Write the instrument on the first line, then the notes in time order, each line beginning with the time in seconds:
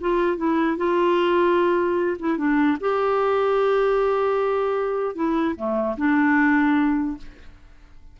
clarinet
0.00 F4
0.37 E4
0.77 F4
2.19 E4
2.37 D4
2.80 G4
5.15 E4
5.56 A3
5.97 D4